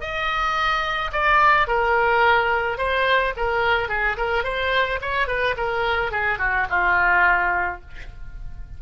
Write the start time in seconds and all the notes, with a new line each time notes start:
0.00 D#5
1.12 D5
1.67 A#4
2.78 C5
3.36 A#4
3.88 G#4
4.17 A#4
4.44 C5
5.01 C#5
5.27 B4
5.57 A#4
6.11 G#4
6.38 F#4
6.69 F4